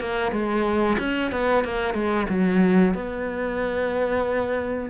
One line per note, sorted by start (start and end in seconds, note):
0.00 0.32 A#3
0.32 0.97 G#3
0.99 1.31 C#4
1.31 1.64 B3
1.64 1.94 A#3
1.94 2.27 G#3
2.29 2.94 F#3
2.94 4.89 B3